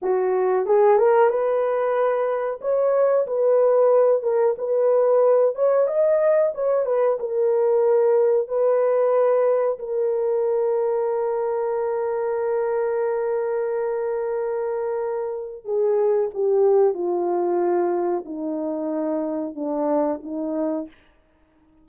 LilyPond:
\new Staff \with { instrumentName = "horn" } { \time 4/4 \tempo 4 = 92 fis'4 gis'8 ais'8 b'2 | cis''4 b'4. ais'8 b'4~ | b'8 cis''8 dis''4 cis''8 b'8 ais'4~ | ais'4 b'2 ais'4~ |
ais'1~ | ais'1 | gis'4 g'4 f'2 | dis'2 d'4 dis'4 | }